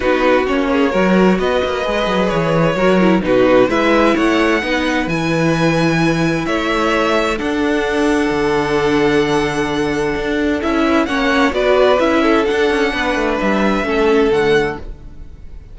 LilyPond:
<<
  \new Staff \with { instrumentName = "violin" } { \time 4/4 \tempo 4 = 130 b'4 cis''2 dis''4~ | dis''4 cis''2 b'4 | e''4 fis''2 gis''4~ | gis''2 e''2 |
fis''1~ | fis''2. e''4 | fis''4 d''4 e''4 fis''4~ | fis''4 e''2 fis''4 | }
  \new Staff \with { instrumentName = "violin" } { \time 4/4 fis'4. gis'8 ais'4 b'4~ | b'2 ais'4 fis'4 | b'4 cis''4 b'2~ | b'2 cis''2 |
a'1~ | a'2.~ a'8 b'8 | cis''4 b'4. a'4. | b'2 a'2 | }
  \new Staff \with { instrumentName = "viola" } { \time 4/4 dis'4 cis'4 fis'2 | gis'2 fis'8 e'8 dis'4 | e'2 dis'4 e'4~ | e'1 |
d'1~ | d'2. e'4 | cis'4 fis'4 e'4 d'4~ | d'2 cis'4 a4 | }
  \new Staff \with { instrumentName = "cello" } { \time 4/4 b4 ais4 fis4 b8 ais8 | gis8 fis8 e4 fis4 b,4 | gis4 a4 b4 e4~ | e2 a2 |
d'2 d2~ | d2 d'4 cis'4 | ais4 b4 cis'4 d'8 cis'8 | b8 a8 g4 a4 d4 | }
>>